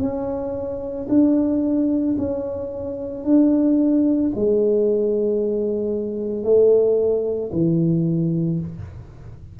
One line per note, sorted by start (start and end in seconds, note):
0.00 1.07 C#4
1.09 2.16 D4
2.18 3.24 C#4
3.24 4.31 D4
4.35 6.44 G#3
6.44 7.51 A3
7.52 8.60 E3